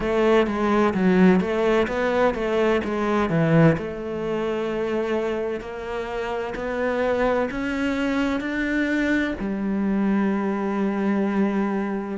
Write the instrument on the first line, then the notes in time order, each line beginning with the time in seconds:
cello
0.00 A3
0.46 G#3
0.94 F#3
1.40 A3
1.87 B3
2.34 A3
2.84 G#3
3.29 E3
3.77 A3
5.60 A#3
6.55 B3
7.50 C#4
8.40 D4
9.39 G3